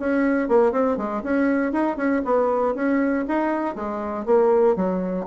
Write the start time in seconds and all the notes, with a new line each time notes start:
0.00 C#4
0.49 A#3
0.72 C4
0.97 G#3
1.23 C#4
1.72 D#4
1.97 C#4
2.25 B3
2.75 C#4
3.28 D#4
3.75 G#3
4.26 A#3
4.76 F#3